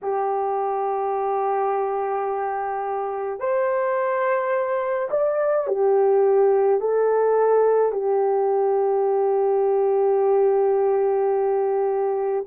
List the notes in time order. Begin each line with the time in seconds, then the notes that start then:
0.02 G4
3.39 C5
5.10 D5
5.67 G4
6.80 A4
7.92 G4